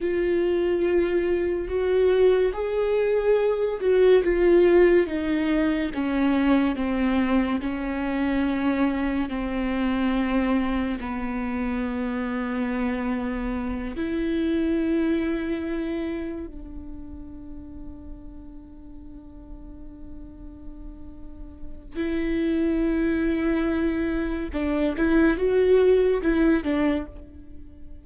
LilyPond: \new Staff \with { instrumentName = "viola" } { \time 4/4 \tempo 4 = 71 f'2 fis'4 gis'4~ | gis'8 fis'8 f'4 dis'4 cis'4 | c'4 cis'2 c'4~ | c'4 b2.~ |
b8 e'2. d'8~ | d'1~ | d'2 e'2~ | e'4 d'8 e'8 fis'4 e'8 d'8 | }